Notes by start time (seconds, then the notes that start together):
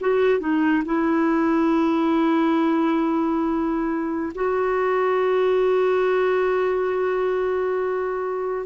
0.00 F#4
0.39 D#4
0.85 E4
4.35 F#4